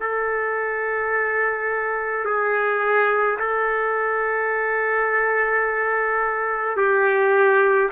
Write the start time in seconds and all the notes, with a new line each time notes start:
0.00 A4
2.25 G#4
3.39 A4
6.77 G4